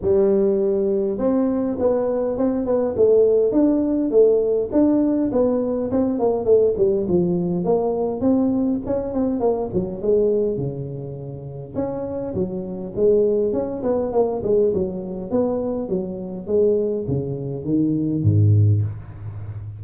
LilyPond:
\new Staff \with { instrumentName = "tuba" } { \time 4/4 \tempo 4 = 102 g2 c'4 b4 | c'8 b8 a4 d'4 a4 | d'4 b4 c'8 ais8 a8 g8 | f4 ais4 c'4 cis'8 c'8 |
ais8 fis8 gis4 cis2 | cis'4 fis4 gis4 cis'8 b8 | ais8 gis8 fis4 b4 fis4 | gis4 cis4 dis4 gis,4 | }